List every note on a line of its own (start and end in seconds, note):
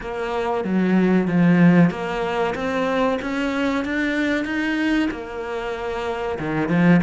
0.00 0.64 A#3
0.64 1.27 F#3
1.27 1.90 F3
1.90 2.54 A#3
2.54 3.18 C4
3.21 3.84 C#4
3.84 4.44 D4
4.44 5.08 D#4
5.10 6.38 A#3
6.39 6.68 D#3
6.68 7.00 F3